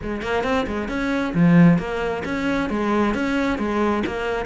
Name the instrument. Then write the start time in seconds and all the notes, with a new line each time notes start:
cello
0.02 G#3
0.22 A#3
0.43 C4
0.67 G#3
0.88 C#4
1.34 F3
1.78 A#3
2.24 C#4
2.69 G#3
3.14 C#4
3.58 G#3
4.06 A#3